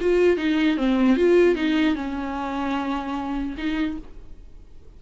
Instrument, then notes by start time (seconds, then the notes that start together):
viola
0.00 F4
0.37 D#4
0.77 C4
1.16 F4
1.55 D#4
1.95 C#4
3.57 D#4